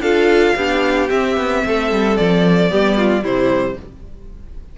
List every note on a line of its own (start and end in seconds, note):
0.00 0.54 D4
0.00 0.56 F4
0.00 0.55 A4
0.00 1.08 F5
0.55 1.09 B3
0.55 1.08 D4
0.55 1.63 G4
1.08 2.69 C4
1.08 1.36 C4
1.08 2.16 E5
1.36 1.63 B3
1.65 1.91 A3
1.65 2.71 A4
1.91 2.18 G3
2.16 2.71 F3
2.16 3.23 D5
2.69 3.23 G3
2.69 3.21 B3
2.69 2.97 G4
2.97 3.23 F4
3.21 3.76 C3
3.21 3.75 G3
3.21 3.76 E4
3.21 3.78 C5